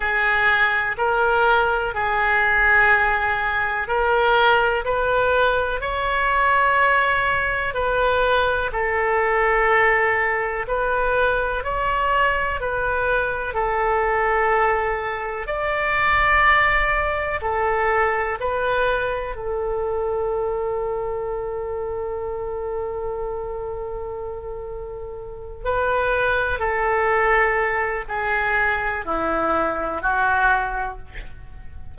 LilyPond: \new Staff \with { instrumentName = "oboe" } { \time 4/4 \tempo 4 = 62 gis'4 ais'4 gis'2 | ais'4 b'4 cis''2 | b'4 a'2 b'4 | cis''4 b'4 a'2 |
d''2 a'4 b'4 | a'1~ | a'2~ a'8 b'4 a'8~ | a'4 gis'4 e'4 fis'4 | }